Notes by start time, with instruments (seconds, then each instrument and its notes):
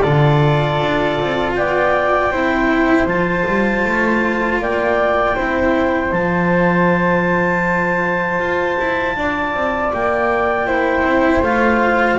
0.00 double bass D3, cello F4, flute A4, clarinet D5
0.81 double bass D4
1.21 double bass C4
1.55 double bass B3, flute D5, clarinet G5
2.32 double bass C4, cello E4, flute C5
3.06 double bass F3, cello F4, clarinet A5
3.47 double bass G3
3.84 double bass A3
4.59 double bass A#3, flute D5, clarinet G5
5.35 double bass C4, cello E4, flute C5
6.12 double bass F3, cello F4, clarinet A5
8.40 double bass F4
8.79 double bass E4
9.16 double bass D4, flute D5
9.54 double bass C4
9.93 double bass A#3, clarinet G5
10.67 cello E4, flute C5
11.03 double bass C4
11.43 double bass A3, cello F4, clarinet F5